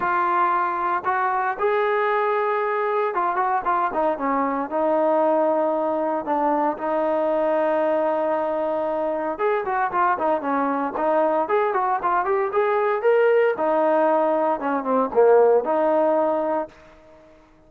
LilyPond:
\new Staff \with { instrumentName = "trombone" } { \time 4/4 \tempo 4 = 115 f'2 fis'4 gis'4~ | gis'2 f'8 fis'8 f'8 dis'8 | cis'4 dis'2. | d'4 dis'2.~ |
dis'2 gis'8 fis'8 f'8 dis'8 | cis'4 dis'4 gis'8 fis'8 f'8 g'8 | gis'4 ais'4 dis'2 | cis'8 c'8 ais4 dis'2 | }